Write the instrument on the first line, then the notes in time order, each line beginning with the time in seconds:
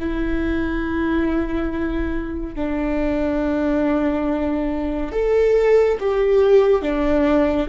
viola
0.00 E4
2.55 D4
5.12 A4
6.00 G4
6.82 D4